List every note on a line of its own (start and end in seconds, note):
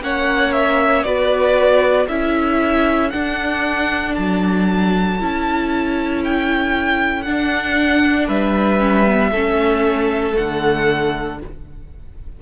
0.00 1.03 A#3
0.00 1.05 C#4
0.00 1.06 C#5
0.00 0.52 F#5
0.52 1.03 E5
1.03 2.07 B3
1.03 2.08 F#4
1.03 2.09 B4
1.03 2.06 D5
2.08 3.12 C#4
2.08 3.11 E4
2.08 8.27 A4
2.08 3.10 E5
3.10 5.18 D4
3.10 4.17 D4
3.10 4.13 F#5
4.14 5.21 F#3
4.14 6.21 A5
5.19 7.26 C#4
5.19 7.26 E4
6.24 7.22 G5
7.22 8.80 D4
7.22 8.28 D4
7.22 8.25 F#5
8.27 9.31 G3
8.27 9.30 B4
8.27 10.35 E5
8.80 9.05 C#4
9.06 9.32 B3
9.31 10.34 A3
9.31 10.33 C#4
9.31 11.38 A4
10.33 11.42 D3
10.33 11.36 A3
10.33 11.39 F#5